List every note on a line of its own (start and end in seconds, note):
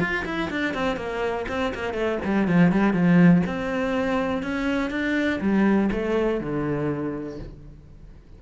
0.00 0.25 F4
0.25 0.50 E4
0.50 0.74 D4
0.74 0.96 C4
0.96 1.46 A#3
1.48 1.73 C4
1.74 1.94 A#3
1.94 2.18 A3
2.24 2.48 G3
2.48 2.72 F3
2.72 2.93 G3
2.93 3.42 F3
3.46 4.43 C4
4.43 4.90 C#4
4.90 5.40 D4
5.41 5.90 G3
5.92 6.40 A3
6.40 7.39 D3